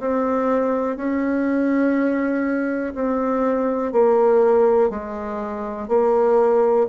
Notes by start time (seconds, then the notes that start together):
0.00 C4
0.97 C#4
2.95 C4
3.93 A#3
4.90 G#3
5.89 A#3